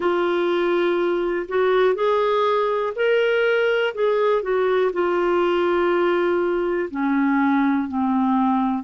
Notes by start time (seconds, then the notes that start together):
0.00 F4
1.48 F#4
1.94 G#4
2.95 A#4
3.94 G#4
4.42 F#4
4.92 F4
6.90 C#4
7.87 C4